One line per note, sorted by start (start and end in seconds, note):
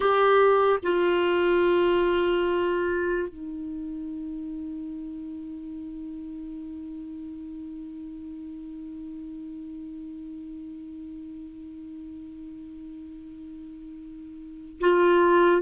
0.00 0.79 G4
0.82 3.28 F4
3.28 14.79 D#4
14.80 15.61 F4